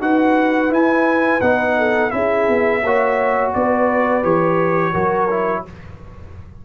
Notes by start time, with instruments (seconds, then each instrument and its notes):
0.00 tuba D#4, trombone F#4, horn B4, trumpet F#5
0.70 trombone E4, tuba E4, trumpet G#5
1.41 tuba B3, trombone D#4, trumpet F#5
1.77 horn A4
2.10 tuba C#4, trombone E4, horn G#4, trumpet E5
2.48 tuba B3
2.82 tuba A#3, trombone F#4, horn C#5
3.53 tuba B3, horn B4, trumpet D5
4.23 tuba E3, trombone G4, trumpet C#5
4.92 tuba F#3, trombone F#4, horn A#4
5.30 trombone E4